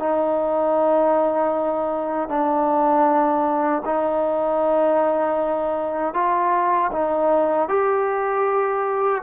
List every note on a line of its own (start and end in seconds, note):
0.00 2.29 D#4
2.29 3.83 D4
3.85 6.14 D#4
6.14 6.91 F4
6.93 7.69 D#4
7.69 9.23 G4